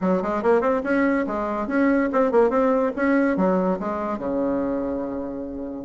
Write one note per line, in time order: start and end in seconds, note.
0.01 0.22 F#3
0.22 0.43 G#3
0.43 0.61 A#3
0.61 0.82 C4
0.83 1.25 C#4
1.26 1.67 G#3
1.67 2.09 C#4
2.12 2.31 C4
2.31 2.50 A#3
2.50 2.92 C4
2.96 3.36 C#4
3.36 3.78 F#3
3.79 4.18 G#3
4.18 5.85 C#3